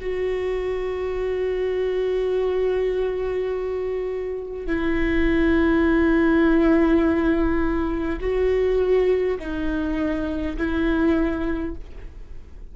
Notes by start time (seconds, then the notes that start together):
0.00 F#4
4.66 E4
8.20 F#4
9.39 D#4
10.57 E4